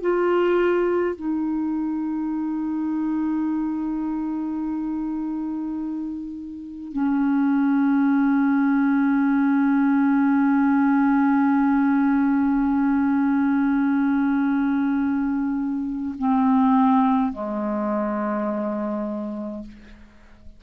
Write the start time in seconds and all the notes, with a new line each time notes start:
0.00 F4
1.15 D#4
6.92 C#4
16.18 C4
17.32 G#3